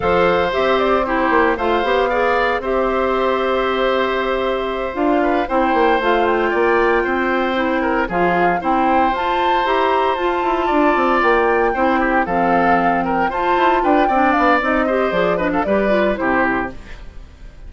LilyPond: <<
  \new Staff \with { instrumentName = "flute" } { \time 4/4 \tempo 4 = 115 f''4 e''8 d''8 c''4 f''4~ | f''4 e''2.~ | e''4. f''4 g''4 f''8 | g''2.~ g''8 f''8~ |
f''8 g''4 a''4 ais''4 a''8~ | a''4. g''2 f''8~ | f''4 g''8 a''4 g''4 f''8 | dis''4 d''8 dis''16 f''16 d''4 c''4 | }
  \new Staff \with { instrumentName = "oboe" } { \time 4/4 c''2 g'4 c''4 | d''4 c''2.~ | c''2 b'8 c''4.~ | c''8 d''4 c''4. ais'8 gis'8~ |
gis'8 c''2.~ c''8~ | c''8 d''2 c''8 g'8 a'8~ | a'4 ais'8 c''4 b'8 d''4~ | d''8 c''4 b'16 a'16 b'4 g'4 | }
  \new Staff \with { instrumentName = "clarinet" } { \time 4/4 a'4 g'4 e'4 f'8 g'8 | gis'4 g'2.~ | g'4. f'4 e'4 f'8~ | f'2~ f'8 e'4 f'8~ |
f'8 e'4 f'4 g'4 f'8~ | f'2~ f'8 e'4 c'8~ | c'4. f'4. d'4 | dis'8 g'8 gis'8 d'8 g'8 f'8 e'4 | }
  \new Staff \with { instrumentName = "bassoon" } { \time 4/4 f4 c'4. ais8 a8 b8~ | b4 c'2.~ | c'4. d'4 c'8 ais8 a8~ | a8 ais4 c'2 f8~ |
f8 c'4 f'4 e'4 f'8 | e'8 d'8 c'8 ais4 c'4 f8~ | f4. f'8 e'8 d'8 c'8 b8 | c'4 f4 g4 c4 | }
>>